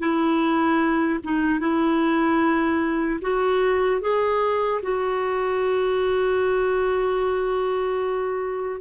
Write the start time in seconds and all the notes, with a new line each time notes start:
0.00 E4
1.24 D#4
1.60 E4
3.22 F#4
4.01 G#4
4.83 F#4